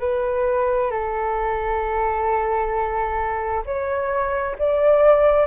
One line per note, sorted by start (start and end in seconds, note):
0.00 0.91 B4
0.91 3.64 A4
3.65 4.56 C#5
4.59 5.47 D5